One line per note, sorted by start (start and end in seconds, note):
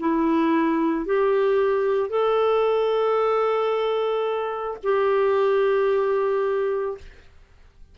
0.00 1.06 E4
1.06 2.10 G4
2.10 4.78 A4
4.84 6.98 G4